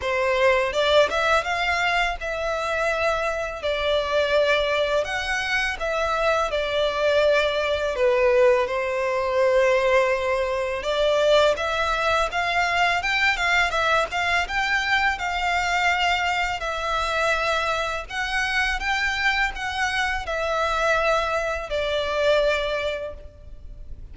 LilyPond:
\new Staff \with { instrumentName = "violin" } { \time 4/4 \tempo 4 = 83 c''4 d''8 e''8 f''4 e''4~ | e''4 d''2 fis''4 | e''4 d''2 b'4 | c''2. d''4 |
e''4 f''4 g''8 f''8 e''8 f''8 | g''4 f''2 e''4~ | e''4 fis''4 g''4 fis''4 | e''2 d''2 | }